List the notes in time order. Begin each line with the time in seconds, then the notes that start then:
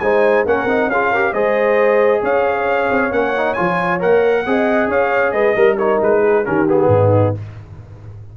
0.00 G#3 D#4 C5 G#5
0.46 A#3 C#4 A#4 F#5
0.65 C4 D#4
0.87 C#4 G#4 F5
0.94 F4
1.11 G4 A#4
1.33 G#3 G#4 C5 D#5
2.22 C#4 C#5 F5
2.90 C4
3.11 A#3 C#4 F#5
3.37 D#4
3.54 F3 F4 G#5
4.00 A#3 A#4 F#5
4.46 C4 G#4 D#5
4.88 C#4 C#5 F5
5.32 G#3 B4 D#5
5.56 G3 A#4
5.78 D#4 C#5
6.02 G#3 B4
6.21 G#4
6.45 D#3 C#4 G4 A#4
6.69 B3 G#4
6.88 G#2 D#4